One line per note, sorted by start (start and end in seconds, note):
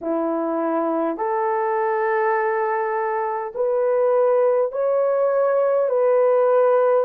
0.01 1.17 E4
1.17 3.52 A4
3.55 4.72 B4
4.72 5.89 C#5
5.89 7.05 B4